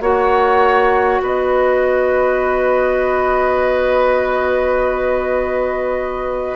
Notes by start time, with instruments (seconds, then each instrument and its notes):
0.00 bassoon A#3, clarinet F#4, oboe C#5, flute F#5
1.21 bassoon B3, oboe B4, flute D#5